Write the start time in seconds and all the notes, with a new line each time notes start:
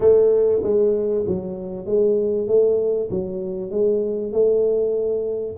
0.00 A3
0.62 G#3
1.27 F#3
1.86 G#3
2.47 A3
3.10 F#3
3.71 G#3
4.32 A3